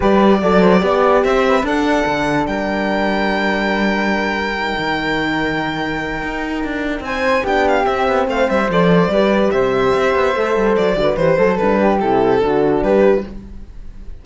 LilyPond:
<<
  \new Staff \with { instrumentName = "violin" } { \time 4/4 \tempo 4 = 145 d''2. e''4 | fis''2 g''2~ | g''1~ | g''1~ |
g''4 gis''4 g''8 f''8 e''4 | f''8 e''8 d''2 e''4~ | e''2 d''4 c''4 | b'4 a'2 b'4 | }
  \new Staff \with { instrumentName = "flute" } { \time 4/4 b'4 d''8 c''8 d''4 c''8 b'8 | a'2 ais'2~ | ais'1~ | ais'1~ |
ais'4 c''4 g'2 | c''2 b'4 c''4~ | c''2~ c''8 b'4 a'8~ | a'8 g'4. fis'4 g'4 | }
  \new Staff \with { instrumentName = "horn" } { \time 4/4 g'4 a'4 g'2 | d'1~ | d'2. dis'4~ | dis'1~ |
dis'2 d'4 c'4~ | c'4 a'4 g'2~ | g'4 a'4. fis'8 g'8 a'8 | d'4 e'4 d'2 | }
  \new Staff \with { instrumentName = "cello" } { \time 4/4 g4 fis4 b4 c'4 | d'4 d4 g2~ | g2.~ g8 dis8~ | dis2. dis'4 |
d'4 c'4 b4 c'8 b8 | a8 g8 f4 g4 c4 | c'8 b8 a8 g8 fis8 d8 e8 fis8 | g4 c4 d4 g4 | }
>>